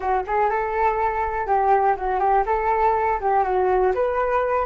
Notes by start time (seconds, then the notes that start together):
0.00 F#4
0.26 G#4
0.50 A4
1.46 G4
1.96 F#4
2.19 G4
2.45 A4
3.20 G4
3.43 F#4
3.94 B4